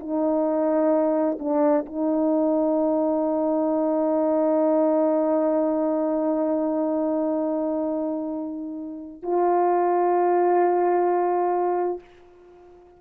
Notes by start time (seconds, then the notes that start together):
0.00 D#4
1.39 D4
1.86 D#4
9.23 F4